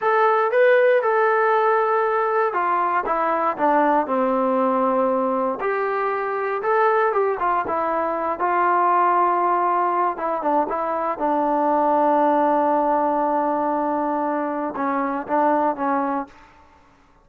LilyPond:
\new Staff \with { instrumentName = "trombone" } { \time 4/4 \tempo 4 = 118 a'4 b'4 a'2~ | a'4 f'4 e'4 d'4 | c'2. g'4~ | g'4 a'4 g'8 f'8 e'4~ |
e'8 f'2.~ f'8 | e'8 d'8 e'4 d'2~ | d'1~ | d'4 cis'4 d'4 cis'4 | }